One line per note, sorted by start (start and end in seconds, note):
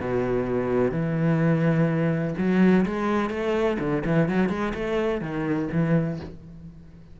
0.00 0.91 B2
0.91 2.34 E3
2.37 2.85 F#3
2.86 3.30 G#3
3.30 3.77 A3
3.79 4.03 D3
4.05 4.29 E3
4.29 4.49 F#3
4.49 4.73 G#3
4.74 5.21 A3
5.21 5.69 D#3
5.72 6.20 E3